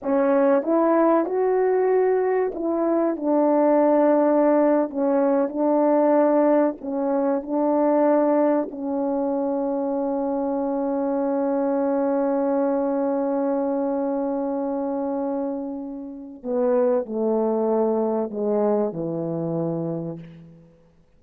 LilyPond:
\new Staff \with { instrumentName = "horn" } { \time 4/4 \tempo 4 = 95 cis'4 e'4 fis'2 | e'4 d'2~ d'8. cis'16~ | cis'8. d'2 cis'4 d'16~ | d'4.~ d'16 cis'2~ cis'16~ |
cis'1~ | cis'1~ | cis'2 b4 a4~ | a4 gis4 e2 | }